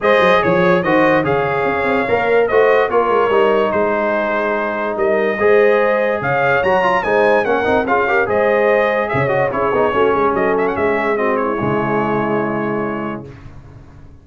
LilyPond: <<
  \new Staff \with { instrumentName = "trumpet" } { \time 4/4 \tempo 4 = 145 dis''4 cis''4 dis''4 f''4~ | f''2 dis''4 cis''4~ | cis''4 c''2. | dis''2. f''4 |
ais''4 gis''4 fis''4 f''4 | dis''2 e''8 dis''8 cis''4~ | cis''4 dis''8 e''16 fis''16 e''4 dis''8 cis''8~ | cis''1 | }
  \new Staff \with { instrumentName = "horn" } { \time 4/4 c''4 cis''4 c''4 cis''4~ | cis''2 c''4 ais'4~ | ais'4 gis'2. | ais'4 c''2 cis''4~ |
cis''4 c''4 ais'4 gis'8 ais'8 | c''2 cis''4 gis'4 | fis'8 gis'8 a'4 gis'4 fis'8 e'8~ | e'1 | }
  \new Staff \with { instrumentName = "trombone" } { \time 4/4 gis'2 fis'4 gis'4~ | gis'4 ais'4 fis'4 f'4 | dis'1~ | dis'4 gis'2. |
fis'8 f'8 dis'4 cis'8 dis'8 f'8 g'8 | gis'2~ gis'8 fis'8 e'8 dis'8 | cis'2. c'4 | gis1 | }
  \new Staff \with { instrumentName = "tuba" } { \time 4/4 gis8 fis8 f4 dis4 cis4 | cis'8 c'8 ais4 a4 ais8 gis8 | g4 gis2. | g4 gis2 cis4 |
fis4 gis4 ais8 c'8 cis'4 | gis2 cis4 cis'8 b8 | a8 gis8 fis4 gis2 | cis1 | }
>>